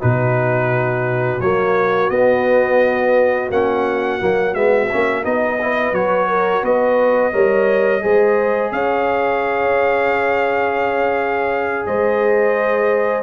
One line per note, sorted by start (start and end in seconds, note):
0.00 1.39 B2
0.00 1.40 D#4
0.00 5.58 F#4
0.00 1.40 B4
1.39 2.09 F#3
1.39 2.11 A#3
1.39 2.10 C#5
2.10 3.49 B3
2.10 3.50 B3
2.10 3.49 D#5
3.50 4.20 A#3
3.50 4.20 C#4
3.50 4.54 F#5
4.20 4.54 F#3
4.20 4.54 A#3
4.54 4.89 G#3
4.54 4.89 B3
4.54 5.24 E5
4.91 5.25 A#3
4.91 5.23 C#4
5.23 5.92 B3
5.23 5.58 D#4
5.23 5.94 D#5
5.61 5.94 E4
5.61 6.28 B4
5.92 6.61 F#3
5.92 7.33 F#4
5.92 6.64 C#5
6.28 6.63 A#4
6.62 7.32 B3
6.62 7.32 B4
6.62 8.72 D#5
7.32 8.03 G3
7.32 8.01 A#4
7.32 8.02 C#5
8.01 8.71 G#3
8.01 13.22 G#4
8.01 8.73 C5
8.71 11.85 C#4
8.71 11.86 C#5
8.71 11.86 F5
11.86 13.22 G#3
11.86 13.22 C5
11.86 13.22 D#5